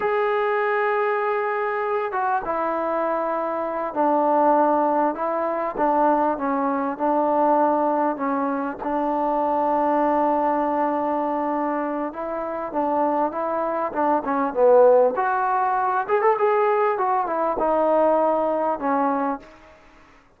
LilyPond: \new Staff \with { instrumentName = "trombone" } { \time 4/4 \tempo 4 = 99 gis'2.~ gis'8 fis'8 | e'2~ e'8 d'4.~ | d'8 e'4 d'4 cis'4 d'8~ | d'4. cis'4 d'4.~ |
d'1 | e'4 d'4 e'4 d'8 cis'8 | b4 fis'4. gis'16 a'16 gis'4 | fis'8 e'8 dis'2 cis'4 | }